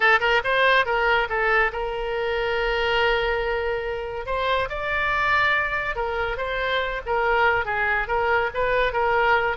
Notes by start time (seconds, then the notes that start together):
0.00 A4
0.20 A#4
0.44 C5
0.85 A#4
1.29 A4
1.72 A#4
4.26 C5
4.69 D5
5.95 A#4
6.37 C5
7.06 A#4
7.65 G#4
8.07 A#4
8.53 B4
8.93 A#4